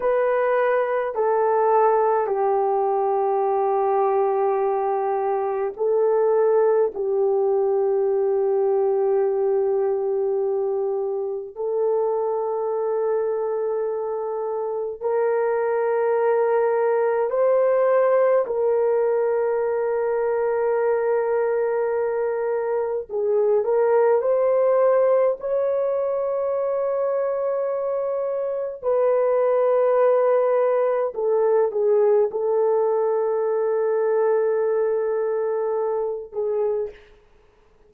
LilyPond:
\new Staff \with { instrumentName = "horn" } { \time 4/4 \tempo 4 = 52 b'4 a'4 g'2~ | g'4 a'4 g'2~ | g'2 a'2~ | a'4 ais'2 c''4 |
ais'1 | gis'8 ais'8 c''4 cis''2~ | cis''4 b'2 a'8 gis'8 | a'2.~ a'8 gis'8 | }